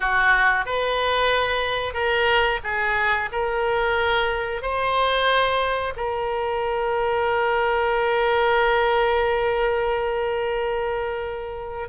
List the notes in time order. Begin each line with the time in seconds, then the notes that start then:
0.00 F#4
0.65 B4
1.93 A#4
2.63 G#4
3.31 A#4
4.62 C5
5.96 A#4